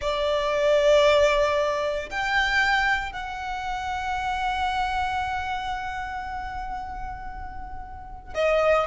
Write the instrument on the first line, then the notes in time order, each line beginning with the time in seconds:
violin
0.01 D5
2.10 G5
3.12 F#5
8.34 D#5